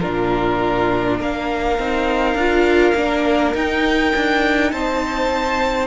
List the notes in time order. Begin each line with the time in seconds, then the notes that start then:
0.00 A#2 D4 F4 A#4
1.18 A#3 A#4 F5
1.78 C4 D#4
2.34 D4 F4
2.95 A#3 D4
3.54 D#4 G5
4.15 D4
4.71 C4 C5 A5